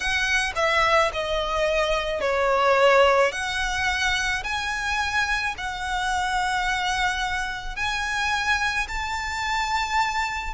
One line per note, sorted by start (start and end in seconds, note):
0.00 0.52 F#5
0.55 1.11 E5
1.13 2.20 D#5
2.20 3.32 C#5
3.32 4.43 F#5
4.43 5.54 G#5
5.57 7.76 F#5
7.76 8.87 G#5
8.87 10.54 A5